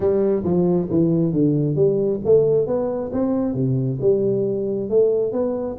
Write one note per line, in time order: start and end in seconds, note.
0.00 0.42 G3
0.44 0.88 F3
0.90 1.32 E3
1.32 1.75 D3
1.75 2.20 G3
2.24 2.66 A3
2.66 3.11 B3
3.13 3.54 C4
3.54 3.98 C3
4.00 4.89 G3
4.89 5.32 A3
5.32 5.77 B3